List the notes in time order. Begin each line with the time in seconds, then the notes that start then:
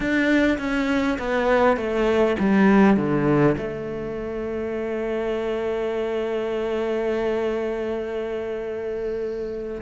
0.00 D4
0.58 C#4
1.18 B3
1.77 A3
2.39 G3
2.96 D3
3.57 A3